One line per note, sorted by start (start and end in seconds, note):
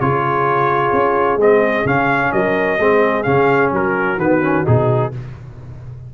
0.00 0.93 C#3
0.00 1.39 F4
0.00 2.32 G#4
0.00 1.40 C#5
0.93 1.37 C#4
1.37 1.83 G#3
1.37 1.85 C4
1.37 1.87 D#5
1.85 2.31 C#3
1.85 2.78 C#4
1.85 2.32 F5
2.32 2.78 F#3
2.32 2.79 A#4
2.32 3.23 D#5
2.78 3.25 G#3
2.78 3.25 C4
2.78 3.72 G#4
3.23 3.72 C#3
3.23 4.18 C#4
3.23 3.69 F5
3.72 4.17 F#3
3.72 5.12 F#4
3.72 4.19 A#4
4.17 4.63 D#3
4.17 4.41 B3
4.17 4.66 B4
4.41 4.64 C#4
4.65 5.14 B2
4.65 5.11 D#4
4.65 5.13 G#4